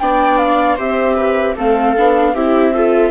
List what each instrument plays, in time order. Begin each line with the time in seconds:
0.00 bassoon B3, viola D4 D5, flute G5
0.38 flute F5
0.76 bassoon C4, viola G4 C5, flute E5
1.16 viola B4
1.55 bassoon A3, viola C4 A4, flute F5
1.97 bassoon B3, viola D4
2.34 bassoon C4, viola E4 G4, flute E5
2.74 viola F4 A4